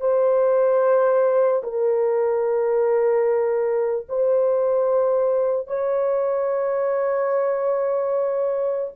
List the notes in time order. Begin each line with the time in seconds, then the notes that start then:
0.00 C5
1.63 A#4
4.08 C5
5.67 C#5